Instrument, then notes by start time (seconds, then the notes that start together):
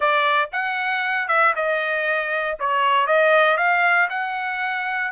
trumpet
0.00 D5
0.52 F#5
1.28 E5
1.55 D#5
2.59 C#5
3.06 D#5
3.57 F5
4.09 F#5